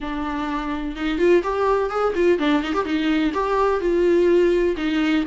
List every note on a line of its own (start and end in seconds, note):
0.00 0.95 D4
0.95 1.18 D#4
1.18 1.42 F4
1.43 1.89 G4
1.89 2.13 G#4
2.15 2.39 F4
2.39 2.62 D4
2.63 2.73 D#4
2.73 2.85 G4
2.85 3.32 D#4
3.33 3.80 G4
3.80 4.75 F4
4.76 5.24 D#4